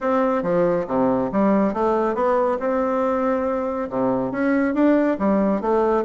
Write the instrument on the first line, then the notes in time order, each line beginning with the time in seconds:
bassoon
0.00 C4
0.43 F3
0.87 C3
1.32 G3
1.73 A3
2.14 B3
2.59 C4
3.89 C3
4.31 C#4
4.74 D4
5.19 G3
5.61 A3